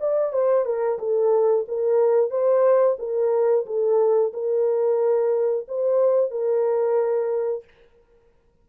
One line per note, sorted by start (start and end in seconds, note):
0.00 0.32 D5
0.32 0.65 C5
0.65 0.98 A#4
0.98 1.65 A4
1.68 2.30 A#4
2.30 2.97 C5
2.98 3.65 A#4
3.65 4.32 A4
4.33 5.66 A#4
5.68 6.30 C5
6.30 7.64 A#4